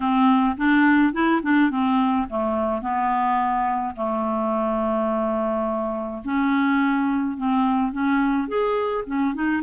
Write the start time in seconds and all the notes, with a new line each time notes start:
0.00 C4
0.57 D4
1.13 E4
1.42 D4
1.70 C4
2.29 A3
2.81 B3
3.95 A3
6.24 C#4
7.37 C4
7.92 C#4
8.48 G#4
9.06 C#4
9.34 D#4